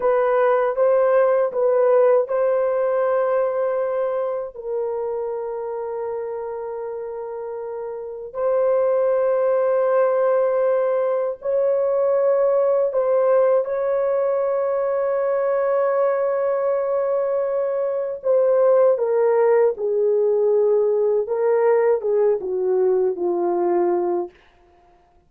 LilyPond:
\new Staff \with { instrumentName = "horn" } { \time 4/4 \tempo 4 = 79 b'4 c''4 b'4 c''4~ | c''2 ais'2~ | ais'2. c''4~ | c''2. cis''4~ |
cis''4 c''4 cis''2~ | cis''1 | c''4 ais'4 gis'2 | ais'4 gis'8 fis'4 f'4. | }